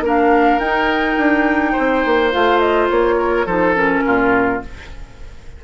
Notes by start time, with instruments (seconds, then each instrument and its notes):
0.00 bassoon A#3, clarinet D4, oboe A#4
0.07 flute F5
0.59 bassoon D#4, clarinet D#4, flute G5
1.17 bassoon D4
1.72 oboe C5
1.78 bassoon C4
2.05 bassoon A#3
2.32 bassoon A3, clarinet F4, flute F5
2.59 flute D#5
2.90 bassoon A#3, flute C#5
3.19 oboe A#4
3.46 bassoon F3, clarinet D#4, oboe A4, flute C5
3.75 clarinet C#4, flute A#4
4.06 bassoon A#2, oboe F4